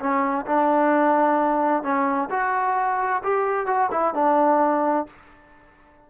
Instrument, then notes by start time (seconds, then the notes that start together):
trombone
0.00 C#4
0.46 D4
1.83 C#4
2.31 F#4
3.24 G4
3.67 F#4
3.92 E4
4.15 D4